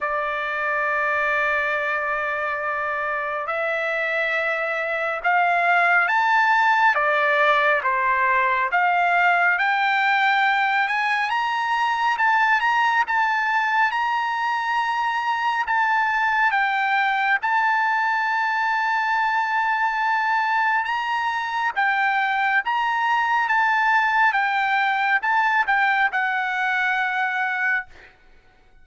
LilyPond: \new Staff \with { instrumentName = "trumpet" } { \time 4/4 \tempo 4 = 69 d''1 | e''2 f''4 a''4 | d''4 c''4 f''4 g''4~ | g''8 gis''8 ais''4 a''8 ais''8 a''4 |
ais''2 a''4 g''4 | a''1 | ais''4 g''4 ais''4 a''4 | g''4 a''8 g''8 fis''2 | }